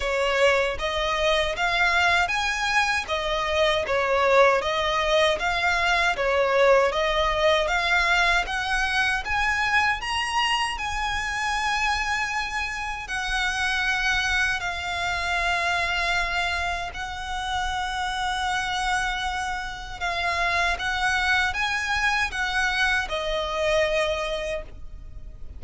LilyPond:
\new Staff \with { instrumentName = "violin" } { \time 4/4 \tempo 4 = 78 cis''4 dis''4 f''4 gis''4 | dis''4 cis''4 dis''4 f''4 | cis''4 dis''4 f''4 fis''4 | gis''4 ais''4 gis''2~ |
gis''4 fis''2 f''4~ | f''2 fis''2~ | fis''2 f''4 fis''4 | gis''4 fis''4 dis''2 | }